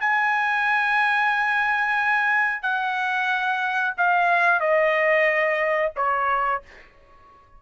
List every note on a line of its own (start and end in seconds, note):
0.00 2.62 G#5
2.62 3.94 F#5
3.97 4.60 F5
4.60 5.92 D#5
5.96 6.62 C#5